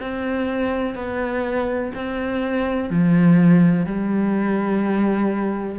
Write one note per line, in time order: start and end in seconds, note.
0.00 0.95 C4
0.95 1.92 B3
1.95 2.90 C4
2.90 3.86 F3
3.86 5.79 G3